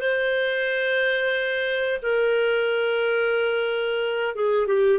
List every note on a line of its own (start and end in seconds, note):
0.00 2.00 C5
2.02 4.35 A#4
4.35 4.67 G#4
4.67 4.99 G4